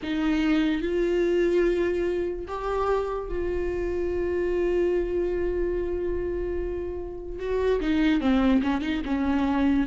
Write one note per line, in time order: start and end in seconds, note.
0.02 0.81 D#4
0.81 2.45 F4
2.47 3.28 G4
3.28 7.39 F4
7.39 7.80 F#4
7.80 8.20 D#4
8.20 8.61 C4
8.62 8.81 C#4
8.81 9.01 D#4
9.04 9.86 C#4